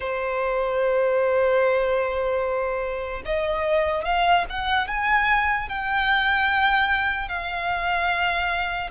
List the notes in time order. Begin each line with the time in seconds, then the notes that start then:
0.00 C5
3.25 D#5
4.04 F5
4.49 F#5
4.87 G#5
5.68 G5
7.28 F5